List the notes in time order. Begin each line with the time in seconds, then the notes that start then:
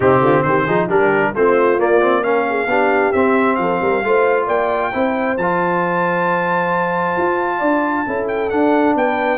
0.00 C3 C4 D#4 G4
0.20 D3 F4
0.42 D#3 G4 C5
0.65 F3 D#4 G#4
0.89 G3 D4 G4 A#4
1.34 A3 C4 F4 C5
1.77 A#3 D5
2.00 C4
2.22 C#4 A#4 F5
2.49 G#4
2.66 B3 D4 G4
3.12 C4 E5
3.55 F3 A4 F5
3.81 G3 A#4
4.03 A3 F4 C5
4.46 A#3 D5 G5
4.92 C4 E4 C5
5.37 F3 F4 A5
7.17 F4
7.58 D4 D5
8.06 C#4 E4 A4
8.28 G5
8.49 D4 F#5
8.95 B3 B4 G5